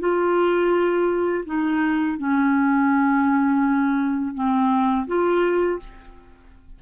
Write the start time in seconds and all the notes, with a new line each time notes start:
0.00 F4
1.46 D#4
2.18 C#4
4.35 C4
5.07 F4